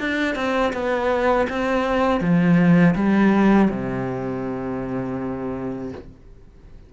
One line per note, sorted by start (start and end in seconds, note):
0.00 0.36 D4
0.36 0.73 C4
0.73 1.47 B3
1.49 2.21 C4
2.21 2.95 F3
2.95 3.69 G3
3.70 5.92 C3